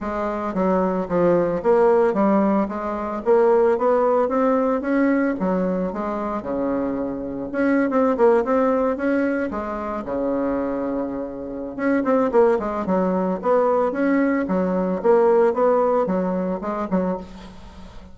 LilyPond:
\new Staff \with { instrumentName = "bassoon" } { \time 4/4 \tempo 4 = 112 gis4 fis4 f4 ais4 | g4 gis4 ais4 b4 | c'4 cis'4 fis4 gis4 | cis2 cis'8. c'8 ais8 c'16~ |
c'8. cis'4 gis4 cis4~ cis16~ | cis2 cis'8 c'8 ais8 gis8 | fis4 b4 cis'4 fis4 | ais4 b4 fis4 gis8 fis8 | }